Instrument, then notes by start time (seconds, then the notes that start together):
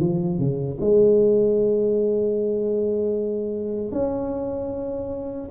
tuba
0.00 F3
0.39 C#3
0.81 G#3
3.92 C#4